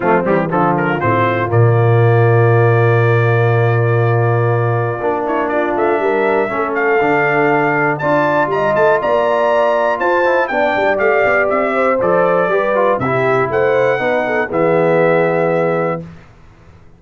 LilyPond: <<
  \new Staff \with { instrumentName = "trumpet" } { \time 4/4 \tempo 4 = 120 f'8 g'8 a'8 ais'8 c''4 d''4~ | d''1~ | d''2~ d''8 cis''8 d''8 e''8~ | e''4. f''2~ f''8 |
a''4 ais''8 a''8 ais''2 | a''4 g''4 f''4 e''4 | d''2 e''4 fis''4~ | fis''4 e''2. | }
  \new Staff \with { instrumentName = "horn" } { \time 4/4 c'4 f'2.~ | f'1~ | f'2~ f'8 e'8 f'4 | ais'4 a'2. |
d''4 dis''4 d''2 | c''4 d''2~ d''8 c''8~ | c''4 b'4 g'4 c''4 | b'8 a'8 gis'2. | }
  \new Staff \with { instrumentName = "trombone" } { \time 4/4 a8 g8 f4 c'4 ais4~ | ais1~ | ais2 d'2~ | d'4 cis'4 d'2 |
f'1~ | f'8 e'8 d'4 g'2 | a'4 g'8 f'8 e'2 | dis'4 b2. | }
  \new Staff \with { instrumentName = "tuba" } { \time 4/4 f8 e8 d4 a,4 ais,4~ | ais,1~ | ais,2 ais4. a8 | g4 a4 d2 |
d'4 g8 a8 ais2 | f'4 b8 g8 a8 b8 c'4 | f4 g4 c4 a4 | b4 e2. | }
>>